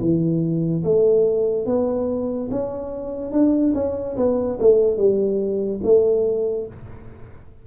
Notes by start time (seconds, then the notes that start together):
0.00 E3
0.83 A3
1.66 B3
2.51 C#4
3.31 D4
3.74 C#4
4.17 B3
4.59 A3
4.97 G3
5.83 A3